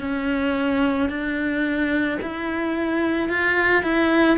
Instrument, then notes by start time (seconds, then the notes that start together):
cello
0.00 C#4
1.09 D4
2.22 E4
3.29 F4
3.83 E4